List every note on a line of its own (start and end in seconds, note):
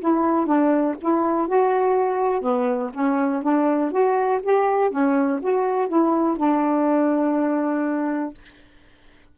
0.00 0.46 E4
0.46 0.95 D4
1.01 1.48 E4
1.48 2.41 F#4
2.41 2.90 B3
2.94 3.42 C#4
3.42 3.91 D4
3.91 4.40 F#4
4.42 4.90 G4
4.90 5.40 C#4
5.41 5.88 F#4
5.88 6.37 E4
6.37 8.34 D4